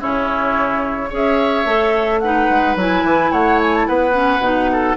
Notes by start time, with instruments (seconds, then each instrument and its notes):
0.00 bassoon C#3, clarinet C#4, oboe E4, flute C#5
1.09 bassoon C#4, clarinet G#4, oboe C#5
1.15 flute E5
1.65 bassoon A3, clarinet A4
2.19 clarinet D#4, oboe B4, flute F#5
2.49 bassoon G#3
2.75 bassoon F#3, clarinet E4, flute G#5
3.03 bassoon E3
3.31 bassoon A3, oboe C#5, flute F#5
3.61 flute G#5
3.74 flute A5
3.87 bassoon B3, oboe B4, flute F#5
4.12 clarinet C#4
4.39 bassoon B2, clarinet D#4
4.72 oboe A4